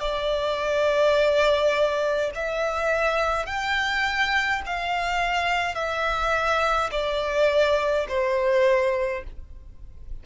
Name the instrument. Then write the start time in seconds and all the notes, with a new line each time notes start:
violin
0.00 D5
2.35 E5
3.46 G5
4.66 F5
5.75 E5
6.91 D5
8.08 C5